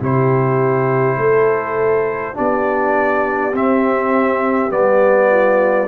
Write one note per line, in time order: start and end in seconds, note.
0.00 1.18 C3
0.00 2.34 E4
0.00 1.17 G4
0.00 2.37 C5
1.17 2.35 A3
1.17 2.35 A4
2.34 3.53 B3
2.34 3.52 D4
2.34 5.30 G4
2.34 3.55 D5
3.53 4.70 C4
3.53 4.72 E5
4.70 5.87 G3
4.70 5.87 B3
4.70 5.87 D5
5.30 5.87 F4